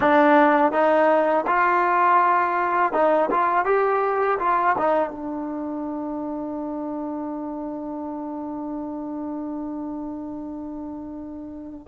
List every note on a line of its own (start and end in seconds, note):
0.00 0.72 D4
0.72 1.45 D#4
1.46 2.93 F4
2.93 3.29 D#4
3.30 3.65 F4
3.65 4.38 G4
4.39 4.76 F4
4.78 5.10 D#4
5.10 11.87 D4